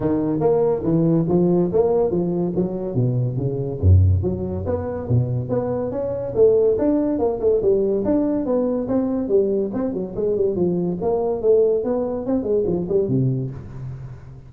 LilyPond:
\new Staff \with { instrumentName = "tuba" } { \time 4/4 \tempo 4 = 142 dis4 ais4 e4 f4 | ais4 f4 fis4 b,4 | cis4 fis,4 fis4 b4 | b,4 b4 cis'4 a4 |
d'4 ais8 a8 g4 d'4 | b4 c'4 g4 c'8 fis8 | gis8 g8 f4 ais4 a4 | b4 c'8 gis8 f8 g8 c4 | }